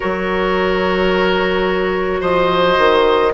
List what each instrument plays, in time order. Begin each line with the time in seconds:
0.00 bassoon F#3, clarinet F#4, oboe A#4, flute C#5
2.20 bassoon F3, oboe C5, flute D#5
2.77 bassoon D#3